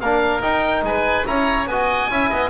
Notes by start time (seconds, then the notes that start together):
0.00 A#3 D4 A#4 F5
0.41 D#4 G5
0.82 G#3 B4 G#5
1.25 C#4 E4 C#5 A#5
1.67 B3 F#4 D#5 G#5
2.09 C#4 E4 E5
2.29 B3 D#5